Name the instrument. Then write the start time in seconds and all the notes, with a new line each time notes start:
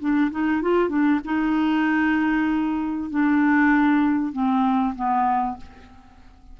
clarinet
0.00 D4
0.31 D#4
0.62 F4
0.89 D4
1.25 D#4
3.10 D4
4.33 C4
4.95 B3